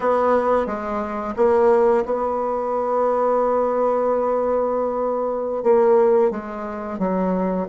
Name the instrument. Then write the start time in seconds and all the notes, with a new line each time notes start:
bassoon
0.00 B3
0.66 G#3
1.36 A#3
2.05 B3
5.62 A#3
6.30 G#3
6.99 F#3